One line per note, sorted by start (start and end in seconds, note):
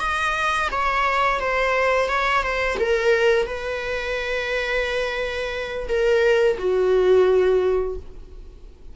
0.00 0.69 D#5
0.72 1.40 C#5
1.40 2.09 C5
2.09 2.43 C#5
2.43 2.78 C5
2.80 3.47 A#4
3.47 5.88 B4
5.89 6.58 A#4
6.59 7.97 F#4